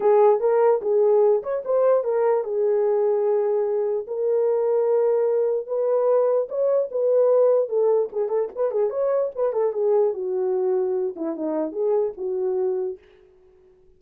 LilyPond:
\new Staff \with { instrumentName = "horn" } { \time 4/4 \tempo 4 = 148 gis'4 ais'4 gis'4. cis''8 | c''4 ais'4 gis'2~ | gis'2 ais'2~ | ais'2 b'2 |
cis''4 b'2 a'4 | gis'8 a'8 b'8 gis'8 cis''4 b'8 a'8 | gis'4 fis'2~ fis'8 e'8 | dis'4 gis'4 fis'2 | }